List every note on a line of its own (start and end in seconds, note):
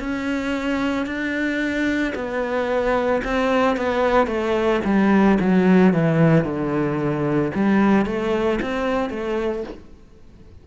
0.00 1.07 C#4
1.07 2.14 D4
2.15 3.22 B3
3.24 3.77 C4
3.77 4.28 B3
4.28 4.81 A3
4.85 5.39 G3
5.41 5.94 F#3
5.94 6.45 E3
6.45 7.52 D3
7.55 8.06 G3
8.06 8.60 A3
8.62 9.10 C4
9.10 9.64 A3